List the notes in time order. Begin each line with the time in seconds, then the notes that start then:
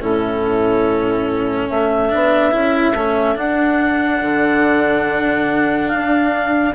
0.00 A2 C#4 E4 A4
1.69 A3 A4 E5
2.10 B3 D4
2.52 C#4 E4
2.94 A3 C#4
3.36 D4 F#5
4.21 D3
5.89 D4 F5